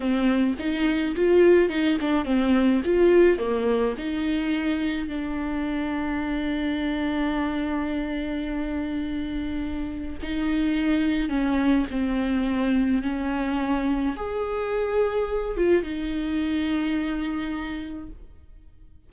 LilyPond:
\new Staff \with { instrumentName = "viola" } { \time 4/4 \tempo 4 = 106 c'4 dis'4 f'4 dis'8 d'8 | c'4 f'4 ais4 dis'4~ | dis'4 d'2.~ | d'1~ |
d'2 dis'2 | cis'4 c'2 cis'4~ | cis'4 gis'2~ gis'8 f'8 | dis'1 | }